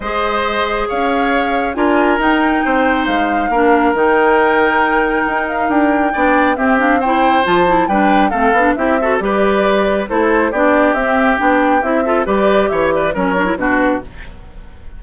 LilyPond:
<<
  \new Staff \with { instrumentName = "flute" } { \time 4/4 \tempo 4 = 137 dis''2 f''2 | gis''4 g''2 f''4~ | f''4 g''2.~ | g''8 f''8 g''2 e''8 f''8 |
g''4 a''4 g''4 f''4 | e''4 d''2 c''4 | d''4 e''4 g''4 e''4 | d''4 e''8 d''8 cis''4 b'4 | }
  \new Staff \with { instrumentName = "oboe" } { \time 4/4 c''2 cis''2 | ais'2 c''2 | ais'1~ | ais'2 d''4 g'4 |
c''2 b'4 a'4 | g'8 a'8 b'2 a'4 | g'2.~ g'8 a'8 | b'4 cis''8 b'8 ais'4 fis'4 | }
  \new Staff \with { instrumentName = "clarinet" } { \time 4/4 gis'1 | f'4 dis'2. | d'4 dis'2.~ | dis'2 d'4 c'8 d'8 |
e'4 f'8 e'8 d'4 c'8 d'8 | e'8 fis'8 g'2 e'4 | d'4 c'4 d'4 e'8 f'8 | g'2 cis'8 d'16 e'16 d'4 | }
  \new Staff \with { instrumentName = "bassoon" } { \time 4/4 gis2 cis'2 | d'4 dis'4 c'4 gis4 | ais4 dis2. | dis'4 d'4 b4 c'4~ |
c'4 f4 g4 a8 b8 | c'4 g2 a4 | b4 c'4 b4 c'4 | g4 e4 fis4 b,4 | }
>>